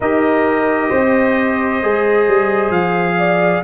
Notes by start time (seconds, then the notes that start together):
0.00 D#4 G4 A#4 D#5
0.89 C4 C5
1.81 G#3 G#4
2.27 G3
2.70 F3 F5
3.18 D5